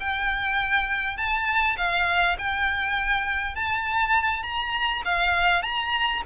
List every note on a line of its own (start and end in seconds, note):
0.00 1.17 G5
1.17 1.76 A5
1.77 2.37 F5
2.38 3.55 G5
3.55 4.43 A5
4.43 5.02 A#5
5.05 5.62 F5
5.62 6.22 A#5